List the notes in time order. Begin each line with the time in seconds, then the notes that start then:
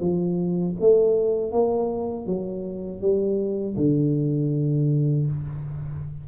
0.00 F3
0.80 A3
1.52 A#3
2.26 F#3
3.01 G3
3.76 D3